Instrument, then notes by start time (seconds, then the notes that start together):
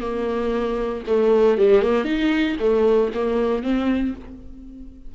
viola
0.00 A#3
1.07 A3
1.58 G3
1.82 A#3
2.05 D#4
2.60 A3
3.14 A#3
3.63 C4